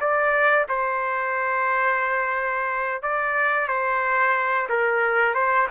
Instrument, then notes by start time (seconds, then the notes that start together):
trumpet
0.00 D5
0.69 C5
3.02 D5
3.68 C5
4.69 A#4
5.34 C5